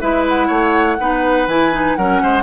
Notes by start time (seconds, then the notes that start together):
0.00 G#3 E4 B4 E5
0.28 F#5
0.47 A3 C#5
0.99 B3 D#4 B4
1.47 E3 E4 G#5
1.72 D#4
1.96 F#3 C#4 A#4 F#5
2.23 G#3 C5